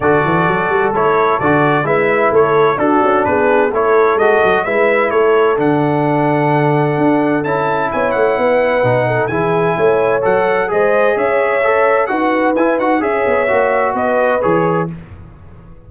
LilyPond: <<
  \new Staff \with { instrumentName = "trumpet" } { \time 4/4 \tempo 4 = 129 d''2 cis''4 d''4 | e''4 cis''4 a'4 b'4 | cis''4 dis''4 e''4 cis''4 | fis''1 |
a''4 gis''8 fis''2~ fis''8 | gis''2 fis''4 dis''4 | e''2 fis''4 gis''8 fis''8 | e''2 dis''4 cis''4 | }
  \new Staff \with { instrumentName = "horn" } { \time 4/4 a'1 | b'4 a'4 fis'4 gis'4 | a'2 b'4 a'4~ | a'1~ |
a'4 cis''4 b'4. a'8 | gis'4 cis''2 c''4 | cis''2 b'2 | cis''2 b'2 | }
  \new Staff \with { instrumentName = "trombone" } { \time 4/4 fis'2 e'4 fis'4 | e'2 d'2 | e'4 fis'4 e'2 | d'1 |
e'2. dis'4 | e'2 a'4 gis'4~ | gis'4 a'4 fis'4 e'8 fis'8 | gis'4 fis'2 gis'4 | }
  \new Staff \with { instrumentName = "tuba" } { \time 4/4 d8 e8 fis8 g8 a4 d4 | gis4 a4 d'8 cis'8 b4 | a4 gis8 fis8 gis4 a4 | d2. d'4 |
cis'4 b8 a8 b4 b,4 | e4 a4 fis4 gis4 | cis'2 dis'4 e'8 dis'8 | cis'8 b8 ais4 b4 e4 | }
>>